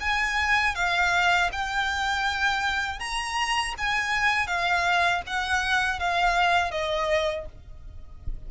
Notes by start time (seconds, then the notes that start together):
0.00 G#5
0.75 F5
1.52 G5
2.99 A#5
3.78 G#5
4.47 F5
5.26 F#5
5.99 F5
6.71 D#5